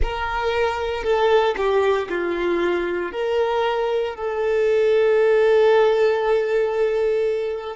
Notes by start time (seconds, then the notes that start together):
0.02 A#4
1.03 A4
1.56 G4
2.09 F4
3.12 A#4
4.15 A4